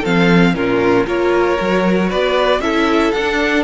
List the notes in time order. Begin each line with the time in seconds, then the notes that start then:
0.00 F3 C4 A4 F5
0.54 A#2 C#4 F4 A#4
1.05 A#3 F4 A#4 C#5
1.58 F#3 F#4
2.09 B3 B4 D5
2.59 C#4 E4 A4 E5
3.12 D4 F#5